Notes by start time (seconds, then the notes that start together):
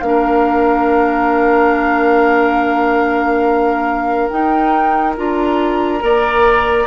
0.00 A#3 D4 F5
0.07 A#4
4.29 D#4 G5
5.17 D4 F4 A#5
5.99 A#3 A#4 D5